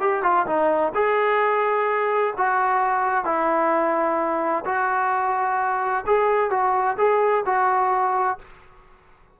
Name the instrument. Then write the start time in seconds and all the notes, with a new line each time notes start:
trombone
0.00 G4
0.23 F4
0.46 D#4
0.95 G#4
2.37 F#4
3.25 E4
4.65 F#4
6.06 G#4
6.50 F#4
6.98 G#4
7.45 F#4